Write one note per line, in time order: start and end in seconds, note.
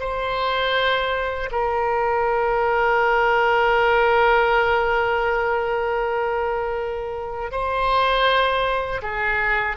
0.00 1.50 C5
1.52 7.52 A#4
7.52 9.02 C5
9.03 9.77 G#4